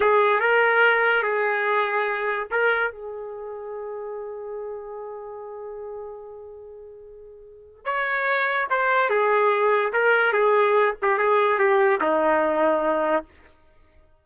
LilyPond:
\new Staff \with { instrumentName = "trumpet" } { \time 4/4 \tempo 4 = 145 gis'4 ais'2 gis'4~ | gis'2 ais'4 gis'4~ | gis'1~ | gis'1~ |
gis'2. cis''4~ | cis''4 c''4 gis'2 | ais'4 gis'4. g'8 gis'4 | g'4 dis'2. | }